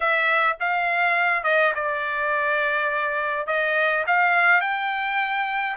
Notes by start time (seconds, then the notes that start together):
0.00 E5
0.60 F5
1.43 D#5
1.75 D5
3.46 D#5
4.06 F5
4.60 G5